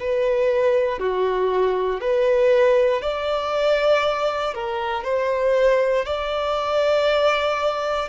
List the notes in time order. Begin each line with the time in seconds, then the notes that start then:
0.00 B4
0.99 F#4
2.01 B4
3.02 D5
4.54 A#4
5.04 C5
6.06 D5